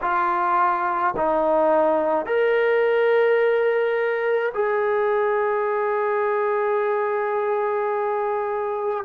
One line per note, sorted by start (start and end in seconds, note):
0.01 1.14 F4
1.16 2.26 D#4
2.26 4.52 A#4
4.54 9.05 G#4